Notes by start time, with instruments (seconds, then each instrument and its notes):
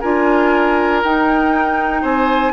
0.00 bassoon D4, clarinet F4, oboe A#4, flute G#5
1.04 bassoon D#4, clarinet D#4, flute G5
2.02 bassoon C4, oboe C5, flute G#5